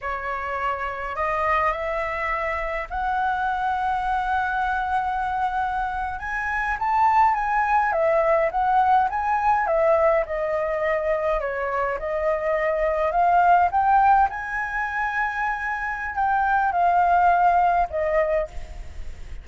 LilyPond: \new Staff \with { instrumentName = "flute" } { \time 4/4 \tempo 4 = 104 cis''2 dis''4 e''4~ | e''4 fis''2.~ | fis''2~ fis''8. gis''4 a''16~ | a''8. gis''4 e''4 fis''4 gis''16~ |
gis''8. e''4 dis''2 cis''16~ | cis''8. dis''2 f''4 g''16~ | g''8. gis''2.~ gis''16 | g''4 f''2 dis''4 | }